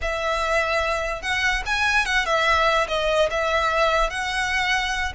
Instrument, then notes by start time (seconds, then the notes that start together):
violin
0.01 E5
1.21 F#5
1.66 G#5
2.05 F#5
2.25 E5
2.88 D#5
3.30 E5
4.10 F#5